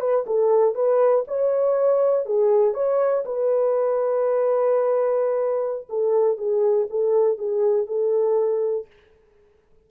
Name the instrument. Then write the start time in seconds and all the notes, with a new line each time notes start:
horn
0.00 B4
0.26 A4
0.75 B4
1.27 C#5
2.26 G#4
2.74 C#5
3.25 B4
5.89 A4
6.38 G#4
6.90 A4
7.38 G#4
7.87 A4